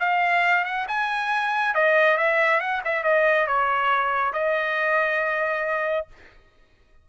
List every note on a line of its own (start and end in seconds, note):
0.00 0.65 F5
0.65 0.87 F#5
0.88 1.75 G#5
1.75 2.18 D#5
2.18 2.60 E5
2.60 2.82 F#5
2.85 3.04 E5
3.04 3.47 D#5
3.47 4.33 C#5
4.33 6.07 D#5